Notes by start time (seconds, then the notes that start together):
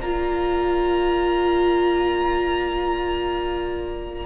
0.00 A#3 F4 D5 A#5